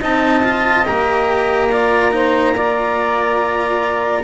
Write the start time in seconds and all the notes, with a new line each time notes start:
0.00 C4 D#4 D#5 A5
0.44 F4
0.85 A#3 G4 A#5
1.70 F4 D5
2.11 D#4 C5
2.55 F4 D5